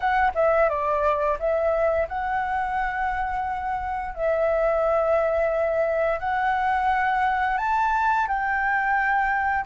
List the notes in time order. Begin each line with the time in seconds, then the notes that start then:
0.00 F#5
0.34 E5
0.69 D5
1.39 E5
2.08 F#5
4.14 E5
6.19 F#5
7.57 A5
8.27 G5